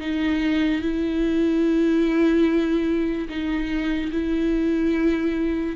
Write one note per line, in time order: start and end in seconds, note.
0.00 0.82 D#4
0.82 3.28 E4
3.29 4.11 D#4
4.12 5.76 E4